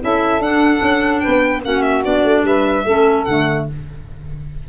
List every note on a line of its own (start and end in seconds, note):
0.00 0.40 C#4
0.00 0.41 E4
0.00 1.22 A4
0.00 0.42 E5
0.40 0.80 D4
0.40 1.63 D4
0.40 1.20 F#5
0.82 1.22 C#4
1.20 1.62 B4
1.20 1.60 G5
1.26 1.65 B3
1.63 2.05 A#3
1.63 2.03 C#4
1.63 2.44 F#4
1.63 1.82 F#5
1.82 2.02 E5
2.03 2.24 B3
2.03 2.84 D4
2.03 2.45 D5
2.24 2.43 A3
2.43 2.84 G3
2.43 2.85 B4
2.43 3.24 E5
2.85 3.25 A3
2.85 3.28 C#4
2.85 3.66 A4
3.24 3.68 D3
3.24 3.69 A3
3.24 3.65 F#5